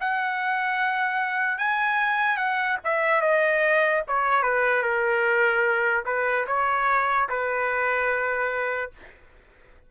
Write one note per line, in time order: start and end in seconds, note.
0.00 1.58 F#5
1.58 2.37 G#5
2.37 2.78 F#5
2.84 3.21 E5
3.21 4.02 D#5
4.08 4.43 C#5
4.43 4.82 B4
4.82 6.04 A#4
6.06 6.46 B4
6.47 7.28 C#5
7.29 8.91 B4